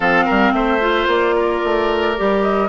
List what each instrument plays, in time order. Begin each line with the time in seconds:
0.00 bassoon F3, clarinet C4, oboe A4, flute F5
0.25 bassoon G3, oboe A#4
0.52 bassoon A3, oboe C5, flute E5
0.80 clarinet F4
1.06 bassoon A#3, flute D5
1.35 oboe A#4
1.63 bassoon A3
2.17 bassoon G3, clarinet G4
2.42 flute D#5